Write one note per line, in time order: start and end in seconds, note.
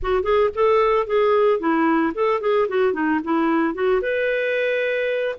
0.02 0.23 F#4
0.23 0.49 G#4
0.54 1.07 A4
1.07 1.59 G#4
1.59 2.13 E4
2.14 2.41 A4
2.41 2.67 G#4
2.68 2.93 F#4
2.93 3.20 D#4
3.24 3.74 E4
3.74 4.01 F#4
4.01 5.35 B4